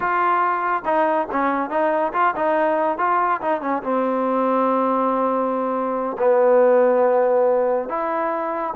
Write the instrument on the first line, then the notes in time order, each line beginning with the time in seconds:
trombone
0.00 F4
0.85 D#4
1.31 C#4
1.69 D#4
2.13 F4
2.35 D#4
2.98 F4
3.41 D#4
3.61 C#4
3.82 C4
6.18 B3
7.88 E4